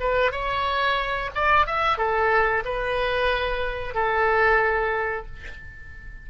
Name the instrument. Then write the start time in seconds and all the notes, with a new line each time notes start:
oboe
0.00 B4
0.31 C#5
1.35 D5
1.67 E5
1.98 A4
2.65 B4
3.94 A4